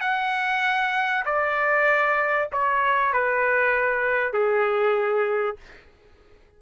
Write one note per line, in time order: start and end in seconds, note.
0.00 1.24 F#5
1.25 2.49 D5
2.52 3.13 C#5
3.13 4.32 B4
4.32 5.56 G#4